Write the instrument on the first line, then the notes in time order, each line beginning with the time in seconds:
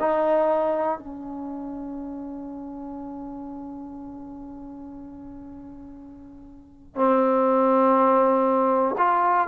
trombone
0.00 D#4
0.99 C#4
6.96 C4
8.98 F4